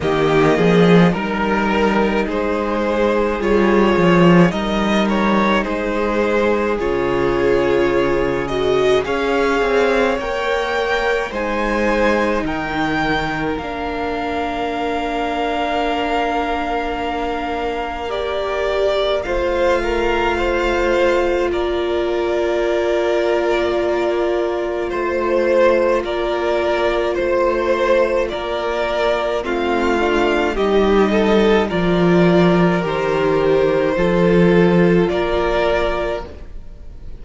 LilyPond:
<<
  \new Staff \with { instrumentName = "violin" } { \time 4/4 \tempo 4 = 53 dis''4 ais'4 c''4 cis''4 | dis''8 cis''8 c''4 cis''4. dis''8 | f''4 g''4 gis''4 g''4 | f''1 |
d''4 f''2 d''4~ | d''2 c''4 d''4 | c''4 d''4 f''4 dis''4 | d''4 c''2 d''4 | }
  \new Staff \with { instrumentName = "violin" } { \time 4/4 g'8 gis'8 ais'4 gis'2 | ais'4 gis'2. | cis''2 c''4 ais'4~ | ais'1~ |
ais'4 c''8 ais'8 c''4 ais'4~ | ais'2 c''4 ais'4 | c''4 ais'4 f'4 g'8 a'8 | ais'2 a'4 ais'4 | }
  \new Staff \with { instrumentName = "viola" } { \time 4/4 ais4 dis'2 f'4 | dis'2 f'4. fis'8 | gis'4 ais'4 dis'2 | d'1 |
g'4 f'2.~ | f'1~ | f'2 c'8 d'8 dis'4 | f'4 g'4 f'2 | }
  \new Staff \with { instrumentName = "cello" } { \time 4/4 dis8 f8 g4 gis4 g8 f8 | g4 gis4 cis2 | cis'8 c'8 ais4 gis4 dis4 | ais1~ |
ais4 a2 ais4~ | ais2 a4 ais4 | a4 ais4 a4 g4 | f4 dis4 f4 ais4 | }
>>